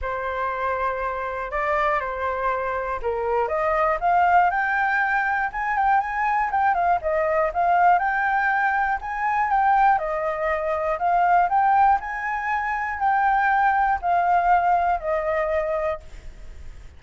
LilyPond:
\new Staff \with { instrumentName = "flute" } { \time 4/4 \tempo 4 = 120 c''2. d''4 | c''2 ais'4 dis''4 | f''4 g''2 gis''8 g''8 | gis''4 g''8 f''8 dis''4 f''4 |
g''2 gis''4 g''4 | dis''2 f''4 g''4 | gis''2 g''2 | f''2 dis''2 | }